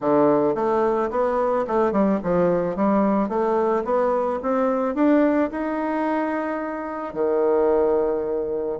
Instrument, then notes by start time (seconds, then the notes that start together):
bassoon
0.00 D3
0.55 A3
1.10 B3
1.67 A3
1.92 G3
2.23 F3
2.75 G3
3.28 A3
3.84 B3
4.42 C4
4.94 D4
5.51 D#4
7.13 D#3